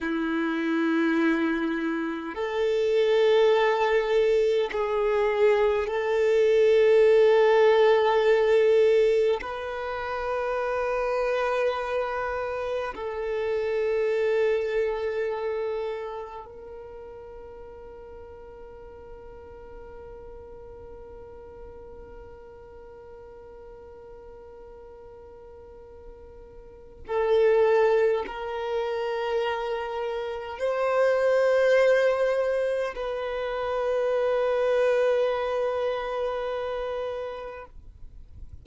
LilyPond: \new Staff \with { instrumentName = "violin" } { \time 4/4 \tempo 4 = 51 e'2 a'2 | gis'4 a'2. | b'2. a'4~ | a'2 ais'2~ |
ais'1~ | ais'2. a'4 | ais'2 c''2 | b'1 | }